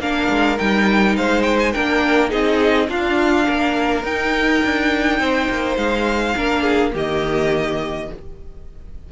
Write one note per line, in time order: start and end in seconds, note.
0.00 0.29 A#3
0.00 0.58 D4
0.00 1.17 A#4
0.00 0.58 F5
0.30 0.58 G#3
0.58 1.17 G3
0.58 1.73 D#4
0.58 1.16 G5
1.17 1.75 G#3
1.17 1.74 C5
1.17 1.43 F5
1.43 1.57 G5
1.59 1.72 G#5
1.72 2.33 A#3
1.72 2.29 D4
1.72 2.30 A#4
1.72 2.30 G5
2.29 2.89 C4
2.29 2.87 D#4
2.29 2.88 G#4
2.29 2.90 D#5
2.88 4.04 D4
2.88 3.47 D4
2.88 3.46 F4
2.88 4.05 F5
3.46 4.03 A#3
3.46 5.19 A#4
4.03 4.61 D#4
4.03 6.35 D#4
4.03 5.77 G5
4.65 5.20 D4
5.20 5.49 C4
5.20 6.35 C5
5.50 5.77 A#3
5.77 6.35 G#3
5.77 6.92 F5
6.36 6.94 A#3
6.36 6.92 D4
6.36 6.63 A#4
6.63 6.92 G#4
6.92 8.10 D#3
6.92 8.08 A#3
6.92 8.09 G4
6.92 8.12 D#5